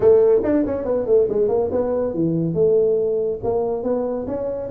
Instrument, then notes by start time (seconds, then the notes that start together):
tuba
0.00 A3
0.43 D4
0.66 C#4
0.84 B3
1.06 A3
1.28 G#3
1.48 A#3
1.71 B3
2.14 E3
2.53 A3
3.43 A#3
3.83 B3
4.27 C#4